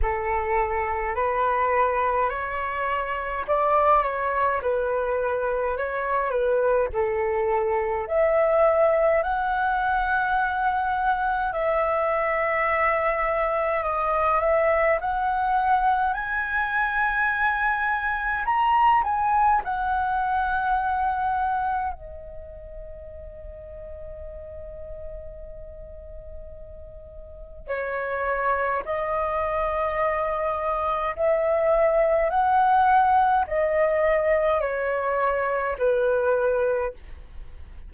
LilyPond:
\new Staff \with { instrumentName = "flute" } { \time 4/4 \tempo 4 = 52 a'4 b'4 cis''4 d''8 cis''8 | b'4 cis''8 b'8 a'4 e''4 | fis''2 e''2 | dis''8 e''8 fis''4 gis''2 |
ais''8 gis''8 fis''2 dis''4~ | dis''1 | cis''4 dis''2 e''4 | fis''4 dis''4 cis''4 b'4 | }